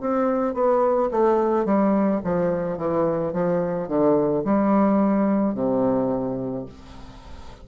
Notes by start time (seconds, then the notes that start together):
0.00 C4
0.54 B3
1.11 A3
1.65 G3
2.24 F3
2.77 E3
3.32 F3
3.88 D3
4.44 G3
5.54 C3